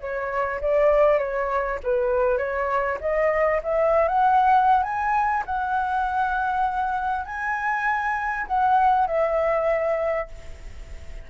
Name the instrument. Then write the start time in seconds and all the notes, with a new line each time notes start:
flute
0.00 C#5
0.61 D5
1.18 C#5
1.83 B4
2.38 C#5
3.00 D#5
3.63 E5
4.08 F#5
4.83 G#5
5.45 F#5
7.25 G#5
8.47 F#5
9.07 E5